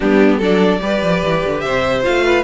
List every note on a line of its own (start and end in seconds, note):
0.00 0.39 G3
0.00 0.41 B3
0.00 0.37 D4
0.00 0.39 G4
0.37 0.80 F#3
0.37 0.80 D4
0.37 0.78 A4
0.37 1.60 D5
0.80 1.02 G3
0.80 2.02 G4
0.80 1.63 B4
1.02 1.22 F3
1.23 1.44 E3
1.45 1.64 D3
1.60 2.05 C3
1.60 2.24 C5
1.60 2.01 E5
2.02 2.43 A3
2.02 2.43 F4
2.02 2.43 F5
2.24 2.43 B4